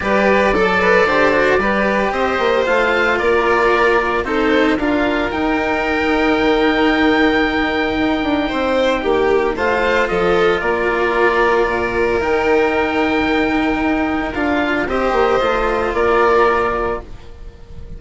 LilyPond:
<<
  \new Staff \with { instrumentName = "oboe" } { \time 4/4 \tempo 4 = 113 d''1 | dis''4 f''4 d''2 | c''4 f''4 g''2~ | g''1~ |
g''2 f''4 dis''4 | d''2. g''4~ | g''2. f''4 | dis''2 d''2 | }
  \new Staff \with { instrumentName = "violin" } { \time 4/4 b'4 a'8 b'8 c''4 b'4 | c''2 ais'2 | a'4 ais'2.~ | ais'1 |
c''4 g'4 c''4 a'4 | ais'1~ | ais'1 | c''2 ais'2 | }
  \new Staff \with { instrumentName = "cello" } { \time 4/4 g'4 a'4 g'8 fis'8 g'4~ | g'4 f'2. | dis'4 f'4 dis'2~ | dis'1~ |
dis'2 f'2~ | f'2. dis'4~ | dis'2. f'4 | g'4 f'2. | }
  \new Staff \with { instrumentName = "bassoon" } { \time 4/4 g4 fis4 d4 g4 | c'8 ais8 a4 ais2 | c'4 d'4 dis'2 | dis2. dis'8 d'8 |
c'4 ais4 a4 f4 | ais2 ais,4 dis4~ | dis2 dis'4 d'4 | c'8 ais8 a4 ais2 | }
>>